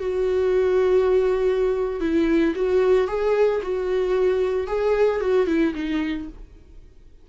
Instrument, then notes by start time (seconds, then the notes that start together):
viola
0.00 F#4
2.01 E4
2.55 F#4
3.08 G#4
3.63 F#4
4.68 G#4
5.21 F#4
5.47 E4
5.75 D#4